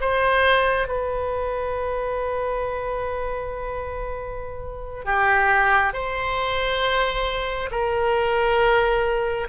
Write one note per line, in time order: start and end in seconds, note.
0.00 0.87 C5
0.87 5.05 B4
5.05 5.93 G4
5.93 7.69 C5
7.70 9.47 A#4